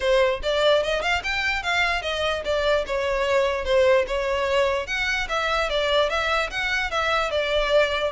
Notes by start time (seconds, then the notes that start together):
0.00 C5
0.42 D5
0.83 D#5
1.02 F5
1.23 G5
1.63 F5
2.02 D#5
2.44 D5
2.86 C#5
3.64 C5
4.07 C#5
4.86 F#5
5.29 E5
5.69 D5
6.09 E5
6.50 F#5
6.90 E5
7.30 D5